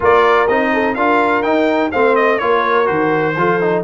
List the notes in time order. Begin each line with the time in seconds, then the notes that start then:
0.00 A#3 F4 A#4 D5
0.47 C4 D#4 D#5
0.73 A4
0.95 D4 F4 A#4 F5
1.42 D#4 G5
1.91 A3 C4 C5 F5
2.15 D#5
2.39 A#3 F4 A#4 C#5
2.85 D#3 F#4 C5
3.36 F3 F4 A4
3.61 D#4